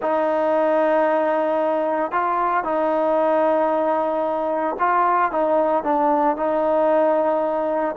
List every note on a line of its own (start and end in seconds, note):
0.02 2.11 D#4
2.11 2.64 F4
2.64 4.76 D#4
4.79 5.31 F4
5.31 5.83 D#4
5.83 6.36 D4
6.36 7.95 D#4